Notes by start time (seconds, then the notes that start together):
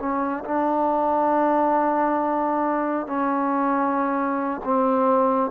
0.00 C#4
0.45 D4
3.07 C#4
4.64 C4